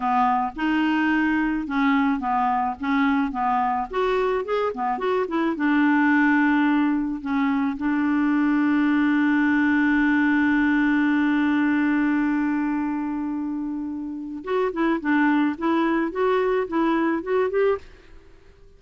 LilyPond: \new Staff \with { instrumentName = "clarinet" } { \time 4/4 \tempo 4 = 108 b4 dis'2 cis'4 | b4 cis'4 b4 fis'4 | gis'8 b8 fis'8 e'8 d'2~ | d'4 cis'4 d'2~ |
d'1~ | d'1~ | d'2 fis'8 e'8 d'4 | e'4 fis'4 e'4 fis'8 g'8 | }